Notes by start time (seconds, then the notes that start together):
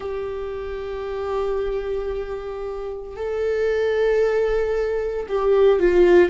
0.00 G4
3.16 A4
5.28 G4
5.79 F4